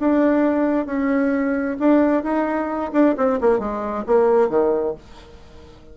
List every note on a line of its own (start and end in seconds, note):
0.00 0.87 D4
0.87 1.77 C#4
1.80 2.24 D4
2.24 2.92 D#4
2.93 3.15 D4
3.17 3.40 C4
3.41 3.60 A#3
3.60 4.05 G#3
4.07 4.50 A#3
4.50 4.95 D#3